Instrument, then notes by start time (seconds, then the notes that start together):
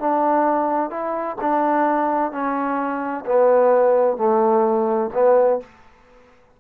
trombone
0.00 D4
0.90 E4
1.41 D4
2.32 C#4
3.26 B3
4.17 A3
5.14 B3